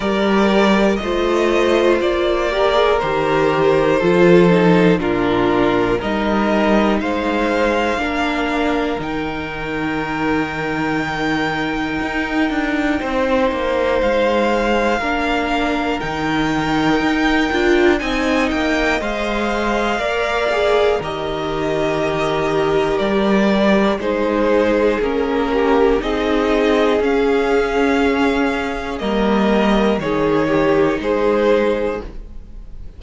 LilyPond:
<<
  \new Staff \with { instrumentName = "violin" } { \time 4/4 \tempo 4 = 60 d''4 dis''4 d''4 c''4~ | c''4 ais'4 dis''4 f''4~ | f''4 g''2.~ | g''2 f''2 |
g''2 gis''8 g''8 f''4~ | f''4 dis''2 d''4 | c''4 ais'4 dis''4 f''4~ | f''4 dis''4 cis''4 c''4 | }
  \new Staff \with { instrumentName = "violin" } { \time 4/4 ais'4 c''4. ais'4. | a'4 f'4 ais'4 c''4 | ais'1~ | ais'4 c''2 ais'4~ |
ais'2 dis''2 | d''4 ais'2. | gis'4. g'8 gis'2~ | gis'4 ais'4 gis'8 g'8 gis'4 | }
  \new Staff \with { instrumentName = "viola" } { \time 4/4 g'4 f'4. g'16 gis'16 g'4 | f'8 dis'8 d'4 dis'2 | d'4 dis'2.~ | dis'2. d'4 |
dis'4. f'8 dis'4 c''4 | ais'8 gis'8 g'2. | dis'4 cis'4 dis'4 cis'4~ | cis'4 ais4 dis'2 | }
  \new Staff \with { instrumentName = "cello" } { \time 4/4 g4 a4 ais4 dis4 | f4 ais,4 g4 gis4 | ais4 dis2. | dis'8 d'8 c'8 ais8 gis4 ais4 |
dis4 dis'8 d'8 c'8 ais8 gis4 | ais4 dis2 g4 | gis4 ais4 c'4 cis'4~ | cis'4 g4 dis4 gis4 | }
>>